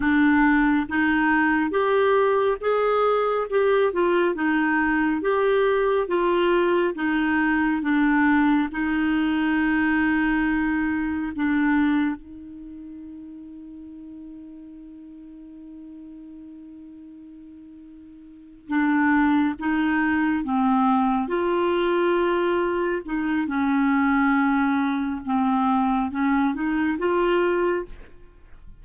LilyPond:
\new Staff \with { instrumentName = "clarinet" } { \time 4/4 \tempo 4 = 69 d'4 dis'4 g'4 gis'4 | g'8 f'8 dis'4 g'4 f'4 | dis'4 d'4 dis'2~ | dis'4 d'4 dis'2~ |
dis'1~ | dis'4. d'4 dis'4 c'8~ | c'8 f'2 dis'8 cis'4~ | cis'4 c'4 cis'8 dis'8 f'4 | }